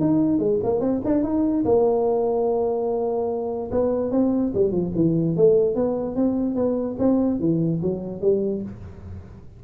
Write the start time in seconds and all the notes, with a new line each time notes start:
0.00 D#4
0.38 G#3
0.63 A#3
0.80 C4
1.04 D4
1.23 D#4
1.65 A#3
3.71 B3
4.11 C4
4.54 G3
4.71 F3
4.95 E3
5.36 A3
5.75 B3
6.15 C4
6.55 B3
6.99 C4
7.39 E3
7.82 F#3
8.21 G3